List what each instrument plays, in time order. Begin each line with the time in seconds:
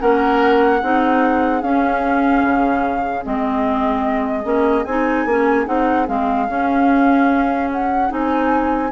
0.00 bassoon A#3, clarinet C#4, oboe A#4, flute F#5
0.80 bassoon C4, clarinet D#4, oboe G#4
1.62 clarinet C#4, bassoon C#4, flute F5
2.43 bassoon C#3
3.23 bassoon G#3, clarinet C4, flute D#5
4.43 bassoon A#3, clarinet C#4
4.85 bassoon C4, clarinet D#4, flute G#5
5.26 bassoon A#3, clarinet C#4
5.66 bassoon C4, clarinet D#4, flute F#5
6.07 bassoon G#3, clarinet C4, flute F5
6.48 clarinet C#4, bassoon C#4
7.71 flute F#5
8.09 bassoon C4, clarinet D#4, flute G#5